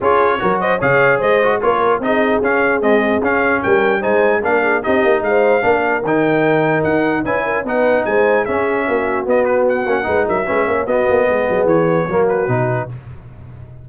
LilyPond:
<<
  \new Staff \with { instrumentName = "trumpet" } { \time 4/4 \tempo 4 = 149 cis''4. dis''8 f''4 dis''4 | cis''4 dis''4 f''4 dis''4 | f''4 g''4 gis''4 f''4 | dis''4 f''2 g''4~ |
g''4 fis''4 gis''4 fis''4 | gis''4 e''2 dis''8 b'8 | fis''4. e''4. dis''4~ | dis''4 cis''4. b'4. | }
  \new Staff \with { instrumentName = "horn" } { \time 4/4 gis'4 ais'8 c''8 cis''4 c''4 | ais'4 gis'2.~ | gis'4 ais'4 c''4 ais'8 gis'8 | g'4 c''4 ais'2~ |
ais'2 b'8 ais'8 b'4 | c''4 gis'4 fis'2~ | fis'4 b'8 ais'8 b'8 cis''8 fis'4 | gis'2 fis'2 | }
  \new Staff \with { instrumentName = "trombone" } { \time 4/4 f'4 fis'4 gis'4. fis'8 | f'4 dis'4 cis'4 gis4 | cis'2 dis'4 d'4 | dis'2 d'4 dis'4~ |
dis'2 e'4 dis'4~ | dis'4 cis'2 b4~ | b8 cis'8 dis'4 cis'4 b4~ | b2 ais4 dis'4 | }
  \new Staff \with { instrumentName = "tuba" } { \time 4/4 cis'4 fis4 cis4 gis4 | ais4 c'4 cis'4 c'4 | cis'4 g4 gis4 ais4 | c'8 ais8 gis4 ais4 dis4~ |
dis4 dis'4 cis'4 b4 | gis4 cis'4 ais4 b4~ | b8 ais8 gis8 fis8 gis8 ais8 b8 ais8 | gis8 fis8 e4 fis4 b,4 | }
>>